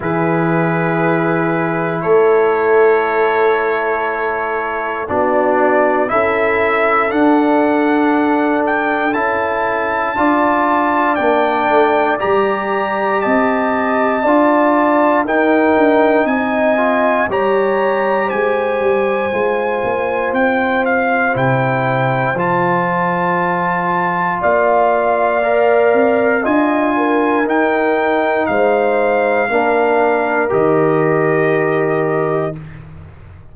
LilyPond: <<
  \new Staff \with { instrumentName = "trumpet" } { \time 4/4 \tempo 4 = 59 b'2 cis''2~ | cis''4 d''4 e''4 fis''4~ | fis''8 g''8 a''2 g''4 | ais''4 a''2 g''4 |
gis''4 ais''4 gis''2 | g''8 f''8 g''4 a''2 | f''2 gis''4 g''4 | f''2 dis''2 | }
  \new Staff \with { instrumentName = "horn" } { \time 4/4 gis'2 a'2~ | a'4 fis'4 a'2~ | a'2 d''2~ | d''4 dis''4 d''4 ais'4 |
dis''4 cis''4 c''2~ | c''1 | d''2 dis''8 ais'4. | c''4 ais'2. | }
  \new Staff \with { instrumentName = "trombone" } { \time 4/4 e'1~ | e'4 d'4 e'4 d'4~ | d'4 e'4 f'4 d'4 | g'2 f'4 dis'4~ |
dis'8 f'8 g'2 f'4~ | f'4 e'4 f'2~ | f'4 ais'4 f'4 dis'4~ | dis'4 d'4 g'2 | }
  \new Staff \with { instrumentName = "tuba" } { \time 4/4 e2 a2~ | a4 b4 cis'4 d'4~ | d'4 cis'4 d'4 ais8 a8 | g4 c'4 d'4 dis'8 d'8 |
c'4 g4 gis8 g8 gis8 ais8 | c'4 c4 f2 | ais4. c'8 d'4 dis'4 | gis4 ais4 dis2 | }
>>